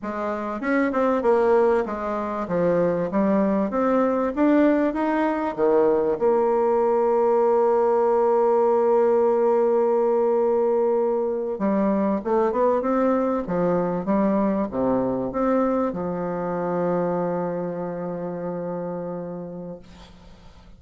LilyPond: \new Staff \with { instrumentName = "bassoon" } { \time 4/4 \tempo 4 = 97 gis4 cis'8 c'8 ais4 gis4 | f4 g4 c'4 d'4 | dis'4 dis4 ais2~ | ais1~ |
ais2~ ais8. g4 a16~ | a16 b8 c'4 f4 g4 c16~ | c8. c'4 f2~ f16~ | f1 | }